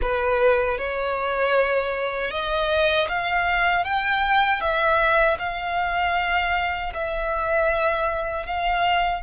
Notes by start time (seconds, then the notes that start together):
0.01 B4
0.78 C#5
2.30 D#5
3.08 F5
3.84 G5
4.60 E5
5.38 F5
6.93 E5
8.46 F5